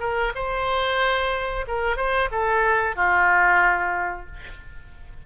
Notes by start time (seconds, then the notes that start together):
0.00 A#4
0.35 C5
1.67 A#4
1.97 C5
2.32 A4
2.96 F4